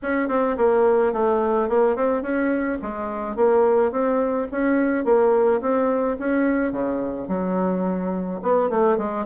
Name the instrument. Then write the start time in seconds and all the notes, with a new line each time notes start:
bassoon
0.02 C#4
0.28 C4
0.57 A#3
1.12 A3
1.68 A#3
1.96 C4
2.22 C#4
2.81 G#3
3.36 A#3
3.91 C4
4.51 C#4
5.04 A#3
5.61 C4
6.19 C#4
6.71 C#3
7.28 F#3
8.42 B3
8.69 A3
8.97 G#3